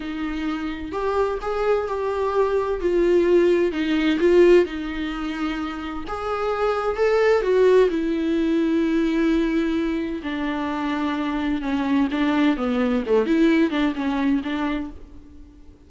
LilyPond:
\new Staff \with { instrumentName = "viola" } { \time 4/4 \tempo 4 = 129 dis'2 g'4 gis'4 | g'2 f'2 | dis'4 f'4 dis'2~ | dis'4 gis'2 a'4 |
fis'4 e'2.~ | e'2 d'2~ | d'4 cis'4 d'4 b4 | a8 e'4 d'8 cis'4 d'4 | }